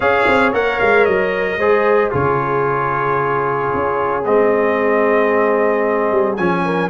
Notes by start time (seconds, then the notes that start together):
0.00 C#4 G#4 C#5 F5
0.27 C4
0.53 A#3 A#4 F#5
0.79 G#3 F5
1.05 F#3 D#5
1.58 G#3 G#4 C5
2.10 C#3 F4 G#4 C#5
3.73 C#4
4.24 G#3 C4 D#5
6.11 G3
6.36 F3 C#4 G#5
6.64 A#4